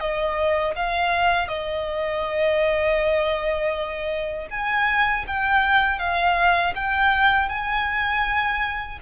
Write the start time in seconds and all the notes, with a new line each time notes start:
0.00 D#5
0.76 F5
1.48 D#5
4.50 G#5
5.27 G5
5.99 F5
6.75 G5
7.49 G#5